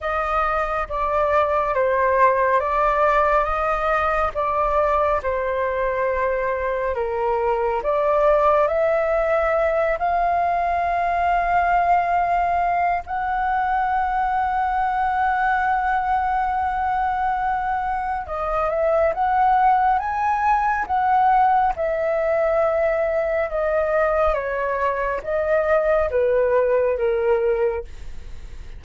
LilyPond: \new Staff \with { instrumentName = "flute" } { \time 4/4 \tempo 4 = 69 dis''4 d''4 c''4 d''4 | dis''4 d''4 c''2 | ais'4 d''4 e''4. f''8~ | f''2. fis''4~ |
fis''1~ | fis''4 dis''8 e''8 fis''4 gis''4 | fis''4 e''2 dis''4 | cis''4 dis''4 b'4 ais'4 | }